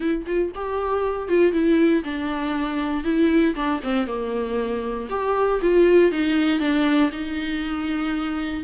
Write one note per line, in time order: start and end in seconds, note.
0.00 0.25 E4
0.26 0.51 F4
0.55 1.28 G4
1.28 1.52 F4
1.52 2.03 E4
2.04 3.04 D4
3.04 3.55 E4
3.55 3.80 D4
3.83 4.07 C4
4.07 5.08 A#3
5.09 5.60 G4
5.61 6.11 F4
6.11 6.59 D#4
6.59 7.10 D4
7.11 8.64 D#4